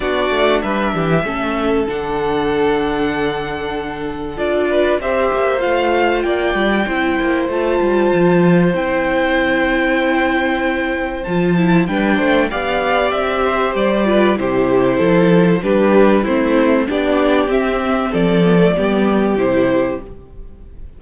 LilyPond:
<<
  \new Staff \with { instrumentName = "violin" } { \time 4/4 \tempo 4 = 96 d''4 e''2 fis''4~ | fis''2. d''4 | e''4 f''4 g''2 | a''2 g''2~ |
g''2 a''4 g''4 | f''4 e''4 d''4 c''4~ | c''4 b'4 c''4 d''4 | e''4 d''2 c''4 | }
  \new Staff \with { instrumentName = "violin" } { \time 4/4 fis'4 b'8 g'8 a'2~ | a'2.~ a'8 b'8 | c''2 d''4 c''4~ | c''1~ |
c''2. b'8 c''8 | d''4. c''4 b'8 g'4 | a'4 g'4 e'4 g'4~ | g'4 a'4 g'2 | }
  \new Staff \with { instrumentName = "viola" } { \time 4/4 d'2 cis'4 d'4~ | d'2. f'4 | g'4 f'2 e'4 | f'2 e'2~ |
e'2 f'8 e'8 d'4 | g'2~ g'8 f'8 e'4~ | e'4 d'4 c'4 d'4 | c'4. b16 a16 b4 e'4 | }
  \new Staff \with { instrumentName = "cello" } { \time 4/4 b8 a8 g8 e8 a4 d4~ | d2. d'4 | c'8 ais8 a4 ais8 g8 c'8 ais8 | a8 g8 f4 c'2~ |
c'2 f4 g8 a8 | b4 c'4 g4 c4 | f4 g4 a4 b4 | c'4 f4 g4 c4 | }
>>